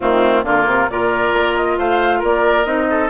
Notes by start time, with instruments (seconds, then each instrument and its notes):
0.00 bassoon D#3, clarinet A3, oboe C4, flute F4
0.43 bassoon D3, clarinet A#3, oboe F4, flute A#4
0.66 bassoon C3
0.90 bassoon A#2, clarinet F4, oboe A#4, flute D5
1.32 bassoon A#3
1.56 flute D#5
1.77 bassoon A3, oboe C5, flute F5
2.18 bassoon A#3, oboe A#4, flute D5
2.64 bassoon C4, clarinet D#4, flute D#5
2.89 oboe A4